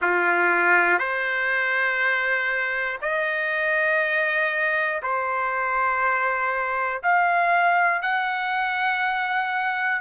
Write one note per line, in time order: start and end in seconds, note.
0.01 0.98 F4
0.98 2.98 C5
3.01 5.01 D#5
5.02 7.02 C5
7.03 8.01 F5
8.01 10.01 F#5